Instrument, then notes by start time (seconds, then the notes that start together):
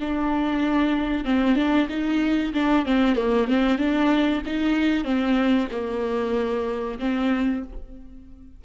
viola
0.00 D4
1.25 C4
1.56 D4
1.89 D#4
2.54 D4
2.85 C4
3.16 A#3
3.47 C4
3.78 D4
4.46 D#4
5.04 C4
5.71 A#3
6.99 C4